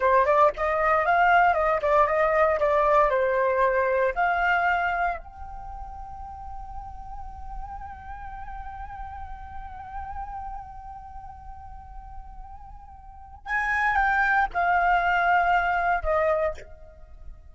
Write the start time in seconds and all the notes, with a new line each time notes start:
0.00 C5
0.25 D5
0.57 D#5
1.05 F5
1.54 D#5
1.82 D5
2.07 D#5
2.59 D5
3.10 C5
4.14 F5
5.18 G5
13.45 G#5
13.95 G5
14.53 F5
16.02 D#5